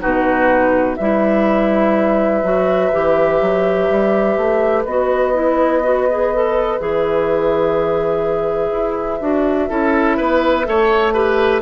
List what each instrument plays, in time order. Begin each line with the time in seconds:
0.00 bassoon B2, clarinet D#4, oboe F#4, flute B4
0.96 bassoon G3, clarinet E4, oboe B4, flute E5
2.43 bassoon F#3, clarinet F#4
2.92 bassoon E3, clarinet G4
3.41 bassoon F#3
3.90 bassoon G3
4.37 bassoon A3
4.85 bassoon B3, clarinet F#4, flute D#5
5.34 clarinet E4
5.83 clarinet F#4
6.11 clarinet G#4
6.34 clarinet A4
6.79 bassoon E3, clarinet G#4, flute E5
8.72 bassoon E4
9.21 bassoon D4, clarinet F#4
9.69 bassoon C#4, clarinet E4, oboe A4
10.17 bassoon B3, oboe B4
10.64 bassoon A3, clarinet A4, oboe C#5
11.14 clarinet G4, oboe B4